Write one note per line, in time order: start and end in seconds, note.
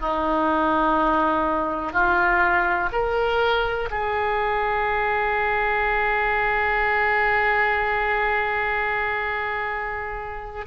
0.00 1.93 D#4
1.93 2.90 F4
2.93 3.89 A#4
3.91 10.67 G#4